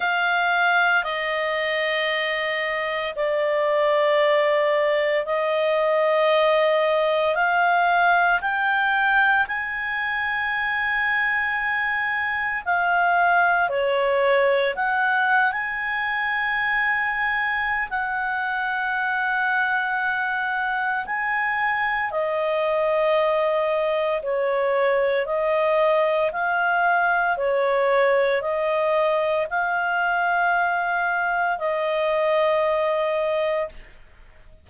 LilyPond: \new Staff \with { instrumentName = "clarinet" } { \time 4/4 \tempo 4 = 57 f''4 dis''2 d''4~ | d''4 dis''2 f''4 | g''4 gis''2. | f''4 cis''4 fis''8. gis''4~ gis''16~ |
gis''4 fis''2. | gis''4 dis''2 cis''4 | dis''4 f''4 cis''4 dis''4 | f''2 dis''2 | }